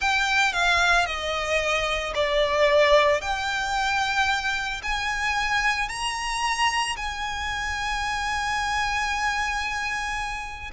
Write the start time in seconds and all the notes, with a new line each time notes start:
0.00 G5
0.52 F5
1.06 D#5
2.15 D5
3.21 G5
4.82 G#5
5.88 A#5
6.96 G#5